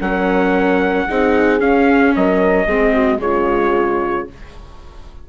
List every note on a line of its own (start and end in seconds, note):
0.00 1.07 F#3
0.00 1.08 C#4
0.00 1.07 A#4
0.00 1.60 F#5
1.07 1.60 C4
1.07 1.59 D#4
1.07 2.15 G#4
1.59 2.66 C#4
1.59 2.14 C#4
1.59 2.14 F5
2.15 2.66 F#3
2.15 2.66 A#4
2.15 3.20 D#5
2.66 3.19 G#3
2.66 3.18 C4
2.66 2.93 G#4
2.93 3.20 F#4
3.18 4.26 C#3
3.18 4.25 G#3
3.18 4.29 F4
3.18 4.28 C#5